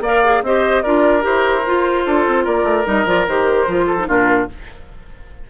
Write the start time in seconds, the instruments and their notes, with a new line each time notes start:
0.00 bassoon A#3, clarinet A#4, oboe D5, flute F5
0.23 clarinet G#4
0.42 bassoon C4, clarinet G4, oboe C5, flute D#5
0.82 bassoon D4, clarinet F4, oboe A#4, flute D5
1.21 bassoon E4, clarinet G4, flute C5
1.66 clarinet F4, bassoon F4
2.05 bassoon D4, oboe A4
2.27 bassoon C4
2.44 bassoon A#3, oboe A#4, flute D5
2.63 bassoon A3
2.84 bassoon G3, clarinet D#4, flute D#5
3.05 bassoon F3, clarinet F4, flute D5
3.27 bassoon D#3, clarinet G4, flute C5
3.67 bassoon F3, clarinet F4
3.86 oboe A4
3.98 clarinet D#4
4.07 bassoon A#2, clarinet D4, oboe F4, flute A#4